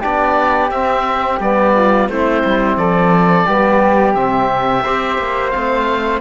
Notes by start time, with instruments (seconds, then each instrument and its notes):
0.00 cello B3, trombone D4, flute G4, oboe D5
0.70 cello C4, trombone C4, oboe E5
1.39 cello G3, trombone B3, oboe D5
1.74 flute F4
2.08 cello A3, trombone C4, flute E4, oboe C5
2.45 cello G3
2.76 cello F3, flute A4, oboe D5
3.46 cello G3, trombone B3, flute G4
4.14 cello C3, trombone C4, oboe E5
4.83 cello C4, trombone G4, flute C5
5.18 cello A#3
5.50 cello A3, trombone C4, oboe F5